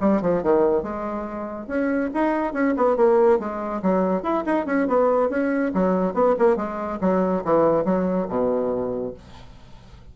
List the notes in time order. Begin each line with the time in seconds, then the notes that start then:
0.00 G3
0.21 F3
0.42 D#3
0.82 G#3
1.67 C#4
2.14 D#4
2.53 C#4
2.76 B3
2.96 A#3
3.39 G#3
3.82 F#3
4.22 E4
4.45 D#4
4.66 C#4
4.87 B3
5.29 C#4
5.74 F#3
6.14 B3
6.38 A#3
6.56 G#3
7.01 F#3
7.44 E3
7.85 F#3
8.28 B2